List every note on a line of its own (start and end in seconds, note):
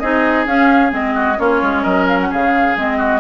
0.00 0.46 C4
0.00 0.47 D#4
0.00 1.15 G#4
0.00 0.46 D#5
0.46 0.92 C#4
0.46 0.90 C#4
0.46 0.93 F5
0.90 1.38 G#3
0.90 1.36 C4
0.90 1.39 D#5
1.15 1.38 F#4
1.38 1.62 A#3
1.38 2.75 C#4
1.38 1.82 F4
1.38 1.84 C#5
1.62 1.85 G#3
1.82 2.31 F#3
1.82 2.28 A#4
1.82 2.07 D#5
2.08 2.19 F5
2.21 2.32 F#5
2.30 2.77 C#3
2.30 2.98 G#4
2.30 2.79 F5
2.77 3.21 G#3
2.77 3.21 C4
2.77 3.21 D#5
2.98 3.21 F#4